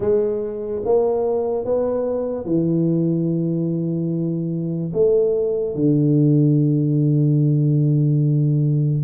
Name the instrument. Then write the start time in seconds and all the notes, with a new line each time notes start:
tuba
0.00 G#3
0.84 A#3
1.64 B3
2.45 E3
4.93 A3
5.75 D3